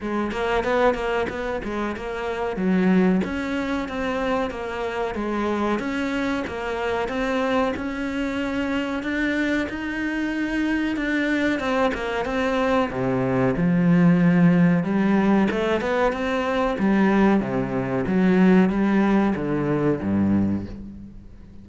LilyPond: \new Staff \with { instrumentName = "cello" } { \time 4/4 \tempo 4 = 93 gis8 ais8 b8 ais8 b8 gis8 ais4 | fis4 cis'4 c'4 ais4 | gis4 cis'4 ais4 c'4 | cis'2 d'4 dis'4~ |
dis'4 d'4 c'8 ais8 c'4 | c4 f2 g4 | a8 b8 c'4 g4 c4 | fis4 g4 d4 g,4 | }